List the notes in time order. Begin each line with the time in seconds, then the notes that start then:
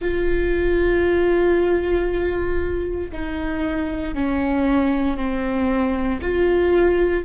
0.00 F4
3.11 D#4
4.14 C#4
5.16 C4
6.21 F4